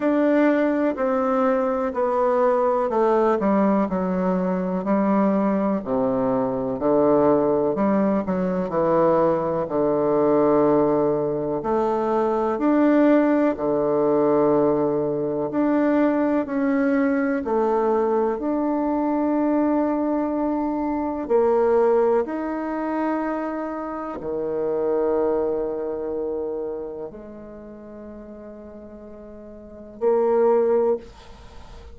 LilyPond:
\new Staff \with { instrumentName = "bassoon" } { \time 4/4 \tempo 4 = 62 d'4 c'4 b4 a8 g8 | fis4 g4 c4 d4 | g8 fis8 e4 d2 | a4 d'4 d2 |
d'4 cis'4 a4 d'4~ | d'2 ais4 dis'4~ | dis'4 dis2. | gis2. ais4 | }